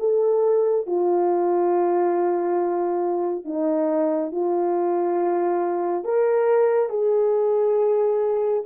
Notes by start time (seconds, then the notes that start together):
0.00 A4
0.87 F4
3.45 D#4
4.32 F4
6.05 A#4
6.90 G#4